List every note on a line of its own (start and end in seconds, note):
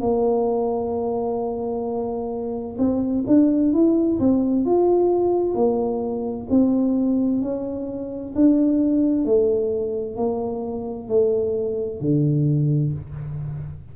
0.00 2.77 A#3
2.78 3.24 C4
3.27 3.73 D4
3.73 4.19 E4
4.20 4.65 C4
4.65 5.55 F4
5.55 6.47 A#3
6.50 7.42 C4
7.42 8.34 C#4
8.35 9.25 D4
9.25 10.16 A3
10.16 11.08 A#3
11.08 12.00 A3
12.00 12.93 D3